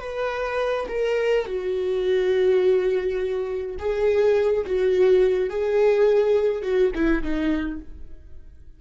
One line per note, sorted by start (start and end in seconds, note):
0.00 0.87 B4
0.88 1.46 A#4
1.46 3.77 F#4
3.78 4.65 G#4
4.66 5.50 F#4
5.50 6.62 G#4
6.62 6.91 F#4
6.95 7.23 E4
7.23 7.80 D#4